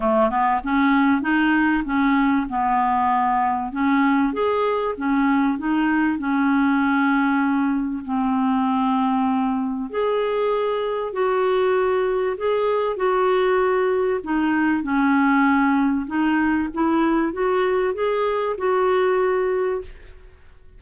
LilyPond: \new Staff \with { instrumentName = "clarinet" } { \time 4/4 \tempo 4 = 97 a8 b8 cis'4 dis'4 cis'4 | b2 cis'4 gis'4 | cis'4 dis'4 cis'2~ | cis'4 c'2. |
gis'2 fis'2 | gis'4 fis'2 dis'4 | cis'2 dis'4 e'4 | fis'4 gis'4 fis'2 | }